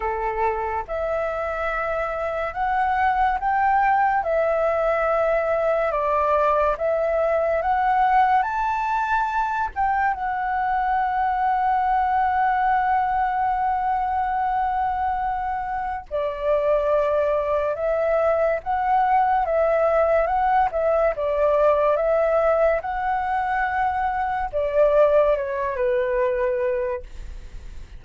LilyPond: \new Staff \with { instrumentName = "flute" } { \time 4/4 \tempo 4 = 71 a'4 e''2 fis''4 | g''4 e''2 d''4 | e''4 fis''4 a''4. g''8 | fis''1~ |
fis''2. d''4~ | d''4 e''4 fis''4 e''4 | fis''8 e''8 d''4 e''4 fis''4~ | fis''4 d''4 cis''8 b'4. | }